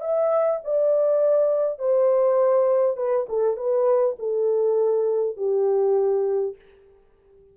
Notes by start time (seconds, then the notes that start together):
0.00 E5
0.64 D5
1.78 C5
2.96 B4
3.29 A4
3.56 B4
4.18 A4
5.36 G4